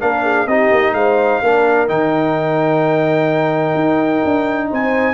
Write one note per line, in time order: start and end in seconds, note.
0.00 0.46 A#3
0.00 0.47 D4
0.00 0.23 A#4
0.00 0.47 F5
0.23 0.46 G#4
0.46 0.70 C4
0.46 1.43 D#4
0.46 0.95 G4
0.46 0.94 D#5
0.71 0.93 A#3
0.93 1.40 G#3
0.93 1.41 C5
0.93 1.87 F5
1.41 1.89 A#3
1.41 1.88 D4
1.41 4.69 A#4
1.88 3.75 D#3
1.88 5.14 D#4
1.88 4.70 G5
3.75 4.21 D#4
4.24 4.71 D4
4.70 5.14 C4
4.70 5.14 C5
4.70 5.14 G#5